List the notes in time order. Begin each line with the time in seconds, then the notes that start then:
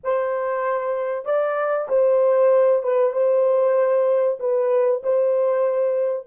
0.03 C5
1.25 D5
1.89 C5
2.82 B4
3.12 C5
4.39 B4
5.03 C5